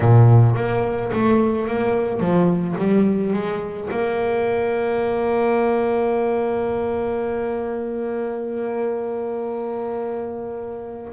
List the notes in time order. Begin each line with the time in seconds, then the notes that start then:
0.00 A#2
0.55 A#3
1.12 A3
1.67 A#3
2.20 F3
2.78 G3
3.33 G#3
3.90 A#3